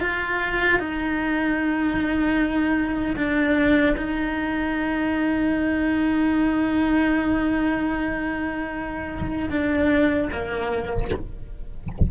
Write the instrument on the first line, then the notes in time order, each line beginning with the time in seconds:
cello
0.00 F4
0.79 D#4
3.16 D4
3.96 D#4
9.50 D4
10.31 A#3